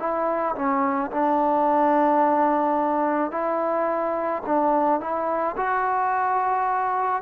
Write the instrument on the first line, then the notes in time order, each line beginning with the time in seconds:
trombone
0.00 E4
0.56 C#4
1.12 D4
3.32 E4
4.46 D4
5.01 E4
5.58 F#4